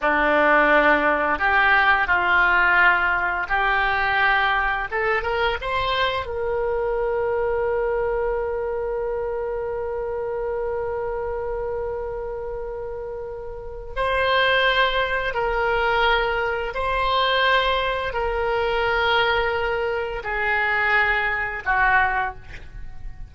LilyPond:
\new Staff \with { instrumentName = "oboe" } { \time 4/4 \tempo 4 = 86 d'2 g'4 f'4~ | f'4 g'2 a'8 ais'8 | c''4 ais'2.~ | ais'1~ |
ais'1 | c''2 ais'2 | c''2 ais'2~ | ais'4 gis'2 fis'4 | }